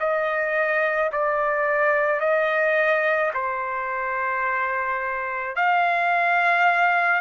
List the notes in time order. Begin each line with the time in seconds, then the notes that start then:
0.00 D#5
1.13 D5
2.21 D#5
3.34 C5
5.56 F5